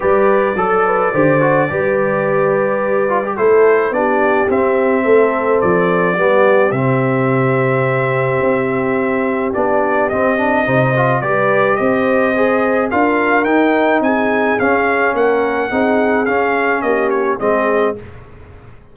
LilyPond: <<
  \new Staff \with { instrumentName = "trumpet" } { \time 4/4 \tempo 4 = 107 d''1~ | d''2 c''4 d''4 | e''2 d''2 | e''1~ |
e''4 d''4 dis''2 | d''4 dis''2 f''4 | g''4 gis''4 f''4 fis''4~ | fis''4 f''4 dis''8 cis''8 dis''4 | }
  \new Staff \with { instrumentName = "horn" } { \time 4/4 b'4 a'8 b'8 c''4 b'4~ | b'2 a'4 g'4~ | g'4 a'2 g'4~ | g'1~ |
g'2. c''4 | b'4 c''2 ais'4~ | ais'4 gis'2 ais'4 | gis'2 g'4 gis'4 | }
  \new Staff \with { instrumentName = "trombone" } { \time 4/4 g'4 a'4 g'8 fis'8 g'4~ | g'4. f'16 g'16 e'4 d'4 | c'2. b4 | c'1~ |
c'4 d'4 c'8 d'8 dis'8 f'8 | g'2 gis'4 f'4 | dis'2 cis'2 | dis'4 cis'2 c'4 | }
  \new Staff \with { instrumentName = "tuba" } { \time 4/4 g4 fis4 d4 g4~ | g2 a4 b4 | c'4 a4 f4 g4 | c2. c'4~ |
c'4 b4 c'4 c4 | g4 c'2 d'4 | dis'4 c'4 cis'4 ais4 | c'4 cis'4 ais4 gis4 | }
>>